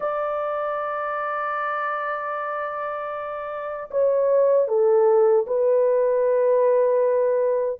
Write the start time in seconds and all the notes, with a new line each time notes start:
0.00 D5
3.90 C#5
4.68 A4
5.47 B4